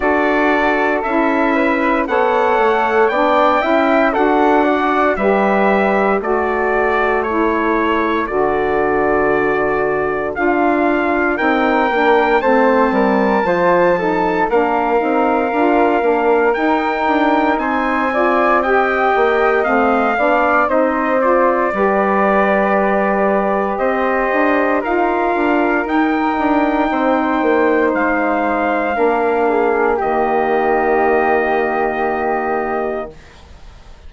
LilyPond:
<<
  \new Staff \with { instrumentName = "trumpet" } { \time 4/4 \tempo 4 = 58 d''4 e''4 fis''4 g''4 | fis''4 e''4 d''4 cis''4 | d''2 f''4 g''4 | a''2 f''2 |
g''4 gis''4 g''4 f''4 | dis''8 d''2~ d''8 dis''4 | f''4 g''2 f''4~ | f''4 dis''2. | }
  \new Staff \with { instrumentName = "flute" } { \time 4/4 a'4. b'8 cis''4 d''8 e''8 | a'8 d''8 b'4 a'2~ | a'2. ais'4 | c''8 ais'8 c''8 a'8 ais'2~ |
ais'4 c''8 d''8 dis''4. d''8 | c''4 b'2 c''4 | ais'2 c''2 | ais'8 gis'8 g'2. | }
  \new Staff \with { instrumentName = "saxophone" } { \time 4/4 fis'4 e'4 a'4 d'8 e'8 | fis'4 g'4 fis'4 e'4 | fis'2 f'4 dis'8 d'8 | c'4 f'8 dis'8 d'8 dis'8 f'8 d'8 |
dis'4. f'8 g'4 c'8 d'8 | dis'8 f'8 g'2. | f'4 dis'2. | d'4 ais2. | }
  \new Staff \with { instrumentName = "bassoon" } { \time 4/4 d'4 cis'4 b8 a8 b8 cis'8 | d'4 g4 a2 | d2 d'4 c'8 ais8 | a8 g8 f4 ais8 c'8 d'8 ais8 |
dis'8 d'8 c'4. ais8 a8 b8 | c'4 g2 c'8 d'8 | dis'8 d'8 dis'8 d'8 c'8 ais8 gis4 | ais4 dis2. | }
>>